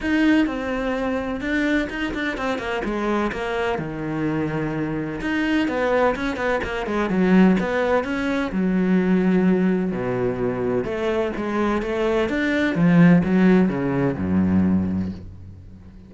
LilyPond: \new Staff \with { instrumentName = "cello" } { \time 4/4 \tempo 4 = 127 dis'4 c'2 d'4 | dis'8 d'8 c'8 ais8 gis4 ais4 | dis2. dis'4 | b4 cis'8 b8 ais8 gis8 fis4 |
b4 cis'4 fis2~ | fis4 b,2 a4 | gis4 a4 d'4 f4 | fis4 cis4 fis,2 | }